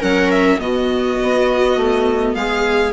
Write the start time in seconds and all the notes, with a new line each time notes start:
0.00 F#3 C#4 A#4 F#5
0.31 E5
0.59 B2 B3 F#4 D#5
1.22 B3
1.77 A3
2.34 G#3 G#4 F5